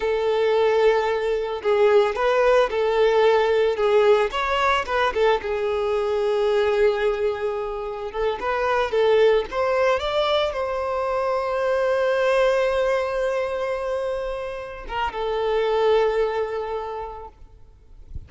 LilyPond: \new Staff \with { instrumentName = "violin" } { \time 4/4 \tempo 4 = 111 a'2. gis'4 | b'4 a'2 gis'4 | cis''4 b'8 a'8 gis'2~ | gis'2. a'8 b'8~ |
b'8 a'4 c''4 d''4 c''8~ | c''1~ | c''2.~ c''8 ais'8 | a'1 | }